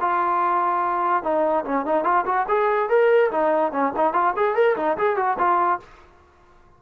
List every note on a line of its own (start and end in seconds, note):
0.00 1.23 F4
1.23 1.64 D#4
1.65 1.85 C#4
1.85 2.04 D#4
2.04 2.24 F4
2.25 2.46 F#4
2.48 2.89 G#4
2.89 3.30 A#4
3.31 3.72 D#4
3.72 3.93 C#4
3.96 4.13 D#4
4.13 4.33 F4
4.36 4.55 G#4
4.55 4.76 A#4
4.76 4.97 D#4
4.97 5.16 G#4
5.16 5.37 F#4
5.38 5.79 F4